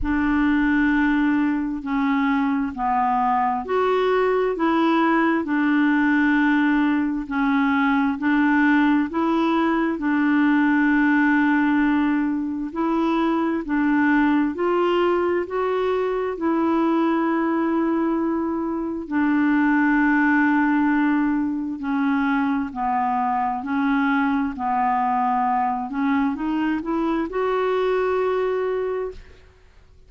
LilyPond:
\new Staff \with { instrumentName = "clarinet" } { \time 4/4 \tempo 4 = 66 d'2 cis'4 b4 | fis'4 e'4 d'2 | cis'4 d'4 e'4 d'4~ | d'2 e'4 d'4 |
f'4 fis'4 e'2~ | e'4 d'2. | cis'4 b4 cis'4 b4~ | b8 cis'8 dis'8 e'8 fis'2 | }